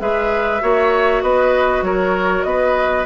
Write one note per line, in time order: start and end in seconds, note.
0.00 0.62 G#3
0.00 0.61 G#4
0.00 0.63 B4
0.00 1.22 E5
0.61 1.23 A#3
0.61 3.06 F#4
0.61 1.23 C#5
1.22 1.83 B3
1.22 1.85 B4
1.22 1.84 D#5
1.83 2.44 F#3
1.83 2.48 A#4
1.83 2.44 C#5
2.44 3.06 B3
2.44 3.06 B4
2.44 3.05 D#5